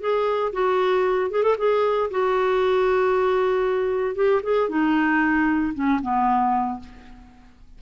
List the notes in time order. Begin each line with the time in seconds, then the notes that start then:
0.00 G#4
0.53 F#4
1.31 G#4
1.43 A4
1.58 G#4
2.11 F#4
4.15 G4
4.43 G#4
4.69 D#4
5.74 C#4
6.02 B3